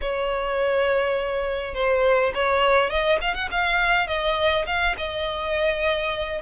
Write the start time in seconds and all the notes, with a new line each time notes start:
0.01 C#5
1.74 C5
2.34 C#5
2.89 D#5
3.21 F5
3.34 F#5
3.51 F5
4.07 D#5
4.66 F5
4.97 D#5